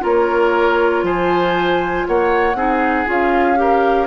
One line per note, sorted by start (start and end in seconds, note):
0.00 1.03 A#3
0.00 2.54 F4
0.00 1.05 A#4
0.00 1.05 C#5
1.03 2.05 F3
1.03 2.07 C5
1.03 2.07 G#5
2.07 2.55 A#3
2.07 2.57 C#5
2.07 3.09 F#5
2.55 3.06 C4
2.55 3.06 D#4
2.55 3.59 G#4
3.06 4.07 C#4
3.06 3.56 F4
3.06 4.07 F5
3.56 4.07 G4
3.56 4.07 A#4